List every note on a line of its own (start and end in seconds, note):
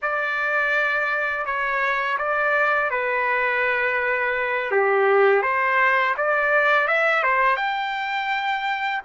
0.02 1.45 D5
1.45 2.17 C#5
2.18 2.90 D5
2.90 4.71 B4
4.71 5.42 G4
5.42 6.14 C5
6.17 6.87 D5
6.87 7.23 E5
7.23 7.56 C5
7.56 9.01 G5